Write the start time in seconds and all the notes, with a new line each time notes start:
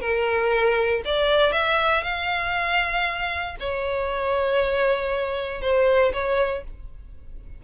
0.00 A#4
1.05 D5
1.52 E5
2.03 F5
3.60 C#5
5.61 C5
6.12 C#5